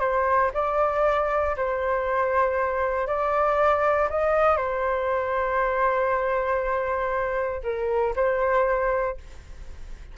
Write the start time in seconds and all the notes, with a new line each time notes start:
0.00 C5
0.54 D5
1.56 C5
3.07 D5
4.10 D#5
4.57 C5
7.64 A#4
8.16 C5